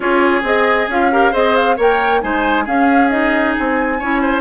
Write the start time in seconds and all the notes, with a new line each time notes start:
0.00 C#4 F4 G#4 C#5
0.42 C4 G#4 D#5
0.88 C#4 F4 F5
1.11 G4 A#4
1.31 C4 G#4 C5 D#5
1.55 F5
1.76 A#3 A#4 C#5 G5
2.21 G#3 D#4 C5 G#5
2.64 C#4 G#4 F5
3.09 D#4 D#5
3.58 C4 G#5
3.99 C#4 E4 C#5
4.21 C5